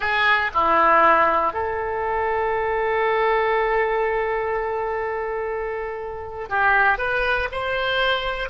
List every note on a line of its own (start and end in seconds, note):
0.00 0.51 G#4
0.53 1.53 E4
1.53 6.49 A4
6.49 6.98 G4
6.98 7.49 B4
7.51 8.49 C5